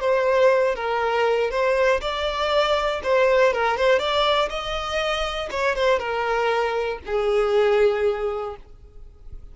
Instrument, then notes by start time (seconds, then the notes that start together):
violin
0.00 C5
0.75 A#4
1.50 C5
2.01 D5
3.03 C5
3.53 A#4
3.77 C5
3.99 D5
4.49 D#5
5.50 C#5
5.75 C5
5.99 A#4
7.06 G#4